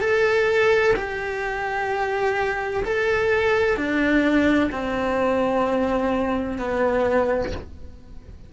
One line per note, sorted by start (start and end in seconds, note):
0.00 0.94 A4
0.96 2.83 G4
2.84 3.77 A4
3.77 4.70 D4
4.71 6.58 C4
6.58 7.52 B3